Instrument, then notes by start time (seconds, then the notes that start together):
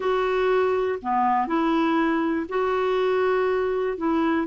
clarinet
0.00 F#4
1.02 B3
1.47 E4
2.48 F#4
3.97 E4